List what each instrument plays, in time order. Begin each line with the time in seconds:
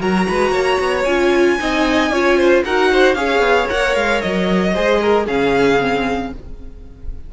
0.00 cello F#3, viola F#4, violin A#4 A#5
0.29 cello G#3, violin B4
0.52 cello A#3, violin C#5
0.80 cello B3
1.05 cello C#4, viola F4, violin G#5
1.59 cello C4, viola D#4, violin D#5
2.11 cello C#4, viola F4, violin C#5
2.38 violin C5
2.65 cello D#4, viola F#4, violin A#4 F#5
2.93 violin C5
3.15 cello C#4, viola G#4, violin C#5 F5
3.40 cello B3
3.69 cello A#3, viola A#4, violin F#5
3.96 cello G#3, violin F5
4.22 cello F#3, violin D#5
4.74 cello G#3, viola G#4, violin C5
5.02 violin A#4
5.26 cello C#3, viola C#4, violin G#4 F5
5.80 viola C4